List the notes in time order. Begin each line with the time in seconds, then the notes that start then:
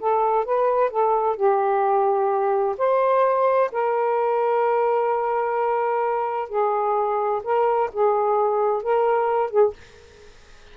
0.00 A4
0.45 B4
0.90 A4
1.36 G4
2.78 C5
3.72 A#4
6.49 G#4
7.43 A#4
7.93 G#4
8.83 A#4
9.50 G#4